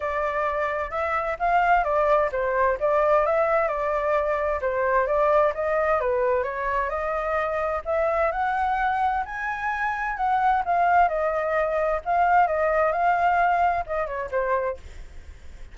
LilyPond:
\new Staff \with { instrumentName = "flute" } { \time 4/4 \tempo 4 = 130 d''2 e''4 f''4 | d''4 c''4 d''4 e''4 | d''2 c''4 d''4 | dis''4 b'4 cis''4 dis''4~ |
dis''4 e''4 fis''2 | gis''2 fis''4 f''4 | dis''2 f''4 dis''4 | f''2 dis''8 cis''8 c''4 | }